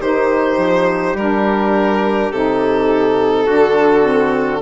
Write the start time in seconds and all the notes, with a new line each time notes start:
0.00 D#3 D#4 G4 C5
0.57 F3
1.13 G3 D4 A#4
2.31 C3 D#4 A4
3.45 D3 D4 F#4
4.02 C4